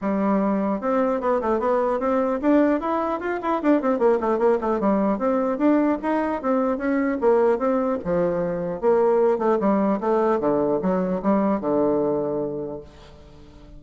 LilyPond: \new Staff \with { instrumentName = "bassoon" } { \time 4/4 \tempo 4 = 150 g2 c'4 b8 a8 | b4 c'4 d'4 e'4 | f'8 e'8 d'8 c'8 ais8 a8 ais8 a8 | g4 c'4 d'4 dis'4 |
c'4 cis'4 ais4 c'4 | f2 ais4. a8 | g4 a4 d4 fis4 | g4 d2. | }